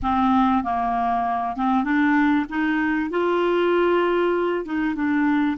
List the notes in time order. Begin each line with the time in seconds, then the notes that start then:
0.02 C4
0.63 A#3
1.56 C4
1.84 D4
2.49 D#4
3.10 F4
4.65 D#4
4.95 D4